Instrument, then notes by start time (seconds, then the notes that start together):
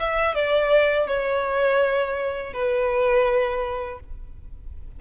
violin
0.00 E5
0.35 D5
1.07 C#5
2.53 B4